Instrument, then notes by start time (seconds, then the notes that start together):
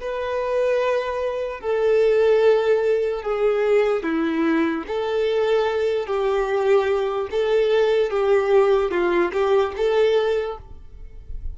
violin
0.00 B4
1.60 A4
3.22 G#4
4.03 E4
4.87 A4
6.06 G4
7.31 A4
8.10 G4
8.91 F4
9.32 G4
9.76 A4